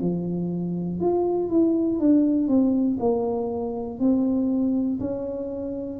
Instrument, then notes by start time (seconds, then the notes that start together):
tuba
0.00 F3
1.00 F4
1.50 E4
2.00 D4
2.48 C4
3.00 A#3
4.00 C4
5.00 C#4